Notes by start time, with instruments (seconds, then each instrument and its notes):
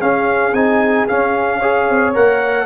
0.00 trombone C#4, tuba C#4, horn G#4, trumpet F5
0.52 tuba C4, trombone D#4, trumpet G#5
1.08 trombone C#4, tuba C#4, trumpet F5
1.59 trombone G#4, horn C#5
1.89 tuba C4
2.14 tuba A#3, trombone A#4, trumpet F#5